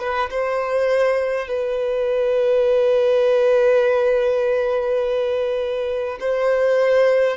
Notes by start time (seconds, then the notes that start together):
0.00 B4
0.30 C5
1.48 B4
6.20 C5